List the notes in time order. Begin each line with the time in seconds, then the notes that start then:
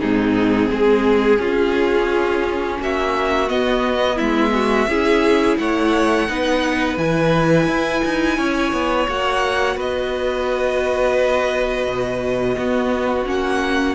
0.00 G#2 C4 D#4 G#4
0.70 G#3 G#4
1.37 C#4 F4
2.80 A#3 F#4 E5
3.48 B3 D#5
4.16 G#3 E4 E5
4.54 F#4
4.87 C#4 E4 G#4
5.57 A3 C#5 F#5
6.28 B3 D#4 B4
6.97 E3 E4 G#5
7.67 E4
8.05 D#4
8.37 C#4 C#5
8.72 B3
9.08 A#3 F#4 F#5
9.76 B3 B4 D#5
11.86 B2
12.55 B3 F#4
13.26 A#3 C#4 F#5